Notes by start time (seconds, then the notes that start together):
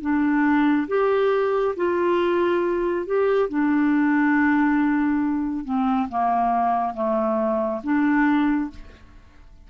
0.00 D4
0.87 G4
1.76 F4
3.06 G4
3.49 D4
5.64 C4
6.08 A#3
6.94 A3
7.83 D4